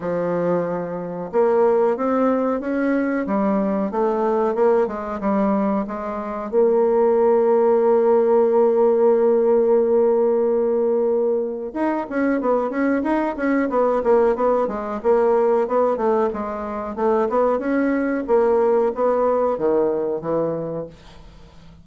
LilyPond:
\new Staff \with { instrumentName = "bassoon" } { \time 4/4 \tempo 4 = 92 f2 ais4 c'4 | cis'4 g4 a4 ais8 gis8 | g4 gis4 ais2~ | ais1~ |
ais2 dis'8 cis'8 b8 cis'8 | dis'8 cis'8 b8 ais8 b8 gis8 ais4 | b8 a8 gis4 a8 b8 cis'4 | ais4 b4 dis4 e4 | }